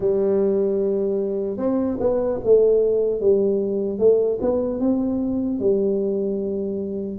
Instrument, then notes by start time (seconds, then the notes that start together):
tuba
0.00 G3
1.57 C4
2.00 B3
2.44 A3
3.20 G3
3.99 A3
4.41 B3
4.80 C4
5.59 G3